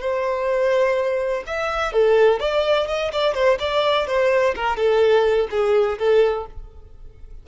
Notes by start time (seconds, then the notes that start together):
0.00 C5
1.46 E5
1.92 A4
2.39 D5
2.87 D#5
3.12 D5
3.34 C5
3.59 D5
4.06 C5
4.55 A#4
4.76 A4
5.50 G#4
5.98 A4